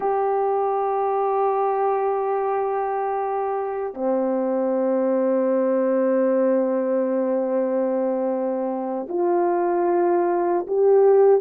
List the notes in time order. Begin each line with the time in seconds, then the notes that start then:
0.00 G4
3.94 C4
9.08 F4
10.67 G4